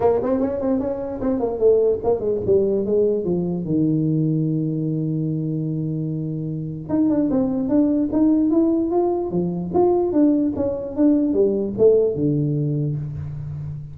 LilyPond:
\new Staff \with { instrumentName = "tuba" } { \time 4/4 \tempo 4 = 148 ais8 c'8 cis'8 c'8 cis'4 c'8 ais8 | a4 ais8 gis8 g4 gis4 | f4 dis2.~ | dis1~ |
dis4 dis'8 d'8 c'4 d'4 | dis'4 e'4 f'4 f4 | f'4 d'4 cis'4 d'4 | g4 a4 d2 | }